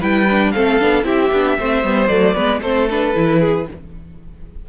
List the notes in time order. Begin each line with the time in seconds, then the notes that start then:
0.00 G3 E4 B4 G5
0.30 D4
0.51 A3 C4 A4 F5
0.79 B3 D4
1.03 C4 E4 G4 E5
1.32 B3 D4
1.58 A3 C4 C5
1.83 G3 B3
2.08 F#3 A3 D5
2.34 G#3 B3 B4
2.60 A3 C4 A4 C5
2.90 D4 B4
3.14 E3 E4
3.39 G#4